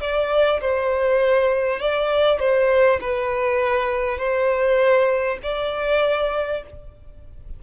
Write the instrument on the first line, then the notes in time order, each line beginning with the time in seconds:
violin
0.00 D5
0.60 C5
1.79 D5
2.39 C5
3.01 B4
4.17 C5
5.42 D5